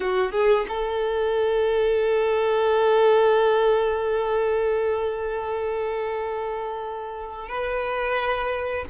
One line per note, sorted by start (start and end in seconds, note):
0.00 0.31 F#4
0.31 0.65 G#4
0.68 7.48 A4
7.48 8.85 B4